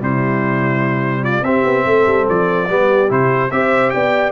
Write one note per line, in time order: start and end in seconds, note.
0.00 1.42 C3
0.00 1.44 G3
0.00 1.23 E4
0.00 1.24 C5
1.23 1.43 F4
1.23 1.44 D5
1.42 1.63 C4
1.42 2.69 C4
1.42 1.85 G4
1.42 2.26 E5
1.65 1.85 B3
1.85 2.06 A3
1.85 2.67 A4
2.06 2.27 G3
2.29 2.69 F3
2.29 3.11 D5
2.69 3.10 G3
2.69 3.09 B3
2.69 3.52 G4
3.09 3.51 C3
3.09 3.50 E4
3.09 3.51 C5
3.51 3.92 C4
3.51 4.32 G4
3.51 3.93 C5
3.51 3.90 E5
3.90 4.32 B3
3.90 4.32 D5
3.90 4.31 G5